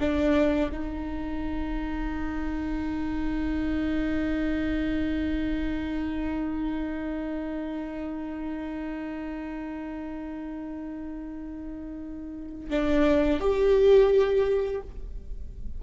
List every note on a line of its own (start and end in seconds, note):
0.00 0.71 D4
0.72 12.70 D#4
12.70 13.40 D4
13.40 14.81 G4